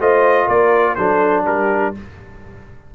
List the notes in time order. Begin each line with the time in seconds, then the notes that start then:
0.00 A3 F4 C5 D#5
0.46 A#3 A#4 D5
0.96 F#3 D4 A4 C5
1.44 G3 G4 A#4